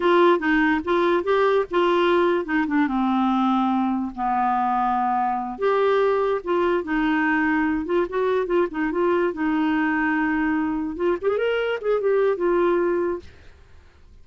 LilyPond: \new Staff \with { instrumentName = "clarinet" } { \time 4/4 \tempo 4 = 145 f'4 dis'4 f'4 g'4 | f'2 dis'8 d'8 c'4~ | c'2 b2~ | b4. g'2 f'8~ |
f'8 dis'2~ dis'8 f'8 fis'8~ | fis'8 f'8 dis'8 f'4 dis'4.~ | dis'2~ dis'8 f'8 g'16 gis'16 ais'8~ | ais'8 gis'8 g'4 f'2 | }